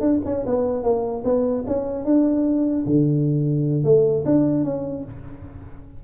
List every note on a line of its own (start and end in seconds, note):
0.00 0.20 D4
0.25 0.45 C#4
0.45 0.83 B3
0.83 1.23 A#3
1.24 1.64 B3
1.66 2.04 C#4
2.04 2.84 D4
2.86 3.83 D3
3.83 4.23 A3
4.25 4.63 D4
4.63 5.03 C#4